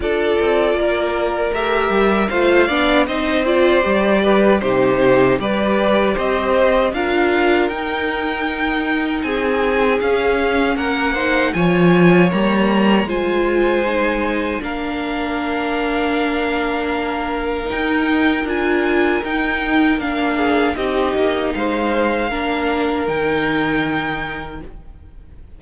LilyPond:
<<
  \new Staff \with { instrumentName = "violin" } { \time 4/4 \tempo 4 = 78 d''2 e''4 f''4 | dis''8 d''4. c''4 d''4 | dis''4 f''4 g''2 | gis''4 f''4 fis''4 gis''4 |
ais''4 gis''2 f''4~ | f''2. g''4 | gis''4 g''4 f''4 dis''4 | f''2 g''2 | }
  \new Staff \with { instrumentName = "violin" } { \time 4/4 a'4 ais'2 c''8 d''8 | c''4. b'8 g'4 b'4 | c''4 ais'2. | gis'2 ais'8 c''8 cis''4~ |
cis''4 c''2 ais'4~ | ais'1~ | ais'2~ ais'8 gis'8 g'4 | c''4 ais'2. | }
  \new Staff \with { instrumentName = "viola" } { \time 4/4 f'2 g'4 f'8 d'8 | dis'8 f'8 g'4 dis'4 g'4~ | g'4 f'4 dis'2~ | dis'4 cis'4. dis'8 f'4 |
ais4 f'4 dis'4 d'4~ | d'2. dis'4 | f'4 dis'4 d'4 dis'4~ | dis'4 d'4 dis'2 | }
  \new Staff \with { instrumentName = "cello" } { \time 4/4 d'8 c'8 ais4 a8 g8 a8 b8 | c'4 g4 c4 g4 | c'4 d'4 dis'2 | c'4 cis'4 ais4 f4 |
g4 gis2 ais4~ | ais2. dis'4 | d'4 dis'4 ais4 c'8 ais8 | gis4 ais4 dis2 | }
>>